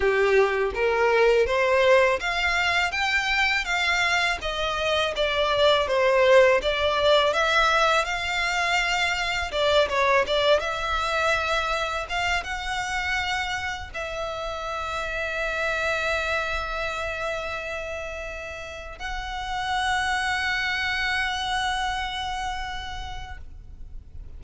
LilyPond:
\new Staff \with { instrumentName = "violin" } { \time 4/4 \tempo 4 = 82 g'4 ais'4 c''4 f''4 | g''4 f''4 dis''4 d''4 | c''4 d''4 e''4 f''4~ | f''4 d''8 cis''8 d''8 e''4.~ |
e''8 f''8 fis''2 e''4~ | e''1~ | e''2 fis''2~ | fis''1 | }